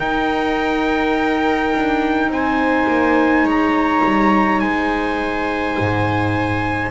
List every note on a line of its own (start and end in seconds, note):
0.00 1.73 D#4
0.00 6.91 D#4
0.00 2.31 A#4
0.00 2.31 G5
1.75 2.28 D4
2.28 2.86 C4
2.28 3.46 C5
2.28 3.48 G#5
2.87 3.44 A#3
3.44 4.02 G#3
3.44 4.62 C#5
3.44 4.60 A#5
4.04 4.62 G3
4.60 5.77 G#3
4.60 6.91 C5
4.60 6.91 G#5
5.79 6.91 G#2